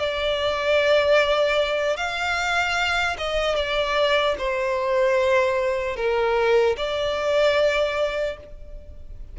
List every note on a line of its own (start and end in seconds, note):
0.00 1.97 D5
1.97 3.17 F5
3.18 3.56 D#5
3.56 4.36 D5
4.39 5.97 C5
5.97 6.77 A#4
6.77 8.37 D5